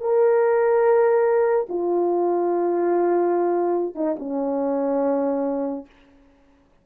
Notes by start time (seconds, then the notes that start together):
0.00 A#4
1.69 F4
3.95 D#4
4.19 C#4